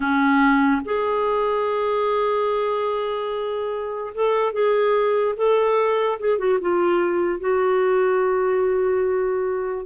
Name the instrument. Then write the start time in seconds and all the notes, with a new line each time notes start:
clarinet
0.00 C#4
0.84 G#4
4.14 A4
4.52 G#4
5.36 A4
6.19 G#4
6.38 F#4
6.60 F4
7.40 F#4